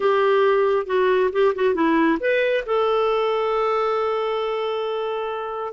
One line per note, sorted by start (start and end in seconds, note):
0.00 0.86 G4
0.86 1.30 F#4
1.32 1.54 G4
1.55 1.74 F#4
1.74 2.18 E4
2.20 2.64 B4
2.66 5.73 A4